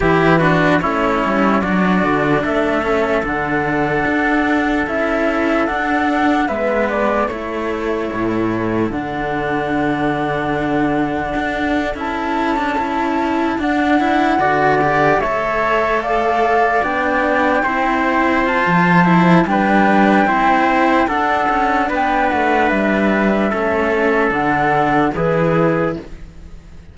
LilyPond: <<
  \new Staff \with { instrumentName = "flute" } { \time 4/4 \tempo 4 = 74 b'4 cis''4 d''4 e''4 | fis''2 e''4 fis''4 | e''8 d''8 cis''2 fis''4~ | fis''2~ fis''8. a''4~ a''16~ |
a''8. fis''2 e''4 f''16~ | f''8. g''2 a''4~ a''16 | g''2 fis''4 g''8 fis''8 | e''2 fis''4 b'4 | }
  \new Staff \with { instrumentName = "trumpet" } { \time 4/4 g'8 fis'8 e'4 fis'4 a'4~ | a'1 | b'4 a'2.~ | a'1~ |
a'4.~ a'16 d''4 cis''4 d''16~ | d''4.~ d''16 c''2~ c''16 | b'4 c''4 a'4 b'4~ | b'4 a'2 gis'4 | }
  \new Staff \with { instrumentName = "cello" } { \time 4/4 e'8 d'8 cis'4 d'4. cis'8 | d'2 e'4 d'4 | b4 e'2 d'4~ | d'2~ d'8. e'8. d'16 e'16~ |
e'8. d'8 e'8 fis'8 g'8 a'4~ a'16~ | a'8. d'4 e'4 f'8. e'8 | d'4 e'4 d'2~ | d'4 cis'4 d'4 e'4 | }
  \new Staff \with { instrumentName = "cello" } { \time 4/4 e4 a8 g8 fis8 d8 a4 | d4 d'4 cis'4 d'4 | gis4 a4 a,4 d4~ | d2 d'8. cis'4~ cis'16~ |
cis'8. d'4 d4 a4~ a16~ | a8. b4 c'4~ c'16 f4 | g4 c'4 d'8 cis'8 b8 a8 | g4 a4 d4 e4 | }
>>